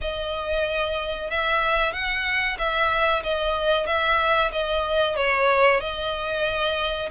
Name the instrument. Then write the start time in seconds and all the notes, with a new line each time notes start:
violin
0.01 D#5
1.30 E5
1.92 F#5
2.58 E5
3.23 D#5
3.86 E5
4.52 D#5
5.16 C#5
5.80 D#5